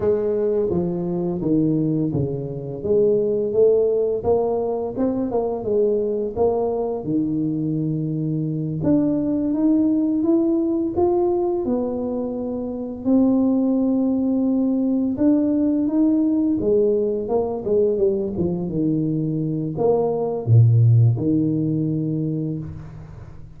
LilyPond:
\new Staff \with { instrumentName = "tuba" } { \time 4/4 \tempo 4 = 85 gis4 f4 dis4 cis4 | gis4 a4 ais4 c'8 ais8 | gis4 ais4 dis2~ | dis8 d'4 dis'4 e'4 f'8~ |
f'8 b2 c'4.~ | c'4. d'4 dis'4 gis8~ | gis8 ais8 gis8 g8 f8 dis4. | ais4 ais,4 dis2 | }